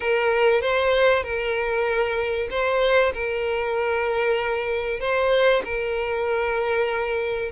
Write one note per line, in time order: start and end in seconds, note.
0.00 0.61 A#4
0.61 1.23 C5
1.23 2.48 A#4
2.50 3.12 C5
3.13 4.99 A#4
4.99 5.62 C5
5.64 7.51 A#4